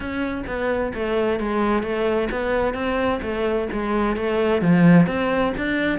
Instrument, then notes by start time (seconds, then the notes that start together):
cello
0.00 C#4
0.46 B3
0.94 A3
1.39 G#3
1.82 A3
2.31 B3
2.74 C4
3.22 A3
3.72 G#3
4.16 A3
4.61 F3
5.06 C4
5.57 D4